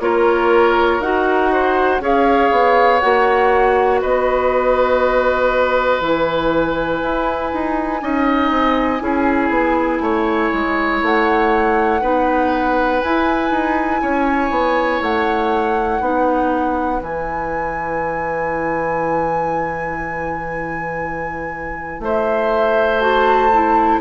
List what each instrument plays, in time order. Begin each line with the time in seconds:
0.00 bassoon A#3, clarinet F4, oboe A#4, flute C#5
1.00 bassoon D#4, clarinet F#4, flute F#5
1.52 oboe C5
2.00 bassoon C#4, clarinet G#4, oboe C#5, flute F5
2.51 bassoon B3
2.99 bassoon A#3, clarinet F#4, flute F#5
4.01 bassoon B3, oboe B4, flute D#5
6.00 bassoon E3, clarinet E4, flute G#5
7.02 bassoon E4
7.53 bassoon D#4
8.00 bassoon C#4, clarinet D#4, oboe D#5
8.50 bassoon C4
8.99 bassoon C#4, clarinet E4, oboe G#4
9.49 bassoon B3
10.00 bassoon A3, oboe C#5
10.53 bassoon G#3
11.02 bassoon A3, flute F#5
12.01 bassoon B3, clarinet D#4, oboe B4
13.01 clarinet E4, bassoon E4, flute G#5
13.50 bassoon D#4
14.01 bassoon C#4, oboe C#5
14.50 bassoon B3
15.01 bassoon A3, flute F#5
16.00 bassoon B3, clarinet D#4, oboe B4
17.00 bassoon E3, clarinet E4, flute G#5
21.99 bassoon A3, oboe C5, flute E5
22.99 clarinet F#4, flute A5
23.53 clarinet E4